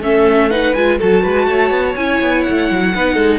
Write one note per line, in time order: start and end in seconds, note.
0.00 0.73 A3
0.00 0.50 C#4
0.00 0.50 A4
0.00 0.50 E5
0.50 0.74 D#4
0.50 0.98 B4
0.50 0.73 F#5
0.73 0.99 G#3
0.73 0.99 F4
0.73 0.97 G#5
0.98 1.24 F#3
0.98 1.96 F#4
0.98 1.23 A4
0.98 1.95 A5
1.23 1.46 G#3
1.23 1.47 B4
1.46 1.70 A3
1.46 2.93 C#5
1.70 1.95 B3
1.95 2.20 C#4
1.95 2.94 E4
1.95 2.43 G#5
2.21 2.45 B3
2.43 2.70 A3
2.43 3.38 F#5
2.70 2.94 F#3
2.94 3.15 B3
2.94 3.38 D#4
2.94 3.14 B4
3.14 3.38 G#3
3.14 3.38 A4